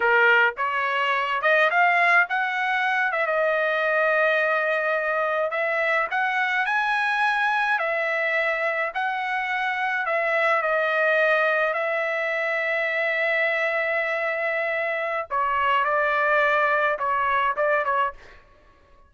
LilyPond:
\new Staff \with { instrumentName = "trumpet" } { \time 4/4 \tempo 4 = 106 ais'4 cis''4. dis''8 f''4 | fis''4. e''16 dis''2~ dis''16~ | dis''4.~ dis''16 e''4 fis''4 gis''16~ | gis''4.~ gis''16 e''2 fis''16~ |
fis''4.~ fis''16 e''4 dis''4~ dis''16~ | dis''8. e''2.~ e''16~ | e''2. cis''4 | d''2 cis''4 d''8 cis''8 | }